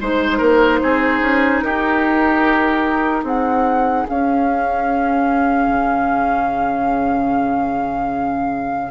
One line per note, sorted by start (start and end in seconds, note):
0.00 0.40 G#3
0.00 4.05 D#4
0.00 0.38 C5
0.00 1.61 C5
0.38 0.81 A#3
0.38 0.78 A#4
0.82 1.20 C4
0.82 1.64 G#4
1.20 1.61 C#4
1.61 3.23 D#4
1.61 3.24 G4
1.61 3.23 A#4
3.23 4.04 C4
3.23 8.90 G#4
3.23 4.07 F#5
4.07 8.90 C#4
4.07 5.67 C#4
4.07 8.90 F5
5.67 8.90 C#3